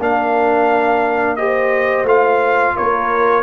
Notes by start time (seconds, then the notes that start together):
0.00 A#3 D4 A#4 F5
1.36 G4 C5 D#5
2.04 A3 F4 F5
2.76 A#3 A#4 C#5